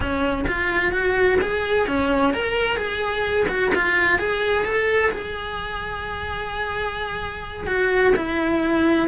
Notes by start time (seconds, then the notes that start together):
0.00 C#4
0.47 F4
0.92 F#4
1.41 G#4
1.87 C#4
2.34 A#4
2.76 G#4
3.48 F#4
3.74 F4
4.18 G#4
4.64 A4
5.11 G#4
7.67 F#4
8.15 E4